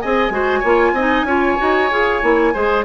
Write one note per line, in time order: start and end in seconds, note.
0.00 0.30 C4
0.00 0.31 G#4
0.00 0.32 D#5
0.00 2.84 G#5
0.30 0.61 G#3
0.30 0.62 F#4
0.30 0.59 C5
0.59 0.92 A#3
0.59 0.96 F4
0.59 0.91 C#5
0.92 1.23 C4
0.92 1.27 D#4
0.92 1.26 D#5
1.23 1.55 C#4
1.23 1.58 F4
1.23 2.53 C#5
1.58 1.91 D#4
1.58 1.89 F#4
1.91 2.22 F4
1.91 2.22 G#4
2.22 2.54 A#3
2.22 2.54 E4
2.53 2.84 G#3
2.53 2.84 G#4
2.53 2.84 C5